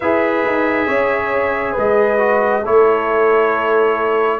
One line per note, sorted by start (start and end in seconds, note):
0.00 0.45 E4
0.00 2.17 G#4
0.00 0.87 B4
0.00 1.76 E5
0.45 0.87 D#4
0.87 1.75 C#4
0.87 1.72 C#5
1.72 2.65 G#3
1.72 2.60 B4
1.72 2.65 D#5
2.17 2.62 F#4
2.62 4.40 A3
2.62 4.40 E4
2.62 4.39 A4
2.62 4.40 C#5